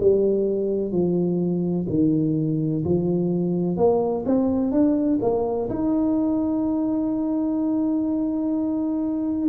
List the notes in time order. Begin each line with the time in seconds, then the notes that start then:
0.00 G3
0.91 F3
1.89 D#3
2.84 F3
3.77 A#3
4.26 C4
4.71 D4
5.22 A#3
5.70 D#4